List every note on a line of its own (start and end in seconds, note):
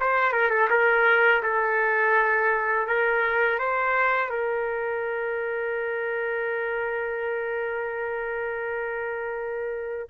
0.00 0.32 C5
0.32 0.50 A#4
0.50 0.68 A4
0.70 1.42 A#4
1.42 2.87 A4
2.87 3.58 A#4
3.58 4.29 C5
4.29 10.07 A#4